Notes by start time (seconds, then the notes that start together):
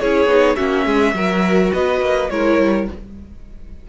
0.00 C#4 E4 G#4 C#5
0.26 B3 D#4
0.56 A#3 C#4 F#4 E5
0.86 G#3 G#4
1.14 F#3 F#4 A#4
1.73 B3 B4 D#5
2.01 A#3
2.30 G#3 E4 A#4 C#5
2.60 G3